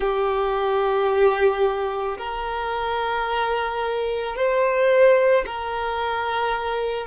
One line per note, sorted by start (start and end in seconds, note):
0.00 2.17 G4
2.18 4.35 A#4
4.35 5.44 C5
5.45 7.07 A#4